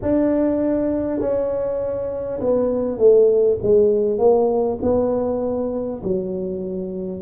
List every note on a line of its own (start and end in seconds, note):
0.02 1.20 D4
1.20 2.40 C#4
2.40 2.98 B3
2.98 3.58 A3
3.62 4.18 G#3
4.18 4.78 A#3
4.82 6.02 B3
6.03 7.22 F#3